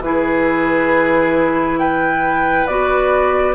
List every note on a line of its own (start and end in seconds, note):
0.00 2.65 E3
0.00 2.69 E4
0.00 1.80 G#4
0.00 1.79 B4
1.79 3.55 B4
1.79 2.67 G5
2.67 3.55 B3
2.67 3.55 F#4
2.67 3.55 D5